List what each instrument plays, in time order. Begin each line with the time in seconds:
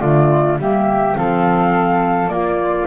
0.00 double bass D3, clarinet A3, flute F4 D5
0.58 double bass G3, clarinet A#3, flute G4 E5
1.14 double bass F3, clarinet C4, flute A4 F5
2.27 double bass A#3, clarinet A#3, flute F4 D5